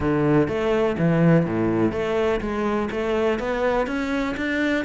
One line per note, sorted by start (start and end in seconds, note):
0.00 0.48 D3
0.48 0.96 A3
0.98 1.45 E3
1.45 1.92 A2
1.92 2.40 A3
2.40 2.89 G#3
2.90 3.39 A3
3.39 3.86 B3
3.86 4.35 C#4
4.37 4.85 D4